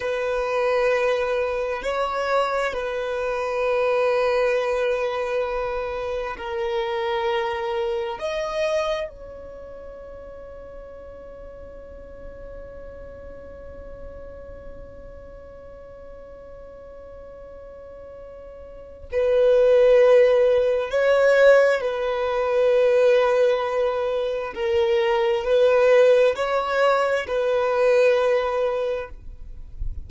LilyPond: \new Staff \with { instrumentName = "violin" } { \time 4/4 \tempo 4 = 66 b'2 cis''4 b'4~ | b'2. ais'4~ | ais'4 dis''4 cis''2~ | cis''1~ |
cis''1~ | cis''4 b'2 cis''4 | b'2. ais'4 | b'4 cis''4 b'2 | }